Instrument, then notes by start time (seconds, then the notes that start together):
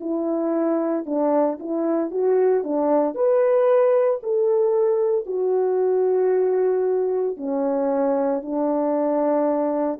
horn
0.00 E4
1.05 D4
1.59 E4
2.11 F#4
2.63 D4
3.14 B4
4.22 A4
5.26 F#4
7.36 C#4
8.42 D4